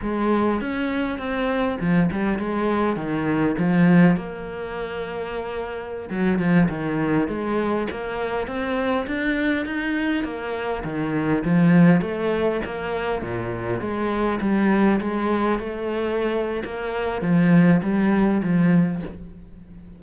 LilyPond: \new Staff \with { instrumentName = "cello" } { \time 4/4 \tempo 4 = 101 gis4 cis'4 c'4 f8 g8 | gis4 dis4 f4 ais4~ | ais2~ ais16 fis8 f8 dis8.~ | dis16 gis4 ais4 c'4 d'8.~ |
d'16 dis'4 ais4 dis4 f8.~ | f16 a4 ais4 ais,4 gis8.~ | gis16 g4 gis4 a4.~ a16 | ais4 f4 g4 f4 | }